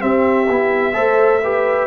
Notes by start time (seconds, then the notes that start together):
0.00 C4 G4 E5
0.49 B3 E4
0.94 A3 A4 C5
1.43 G4 B4